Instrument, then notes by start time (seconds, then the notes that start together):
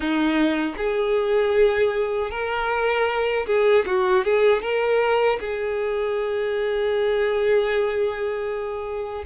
violin
0.00 D#4
0.77 G#4
2.30 A#4
3.46 G#4
3.85 F#4
4.24 G#4
4.62 A#4
5.40 G#4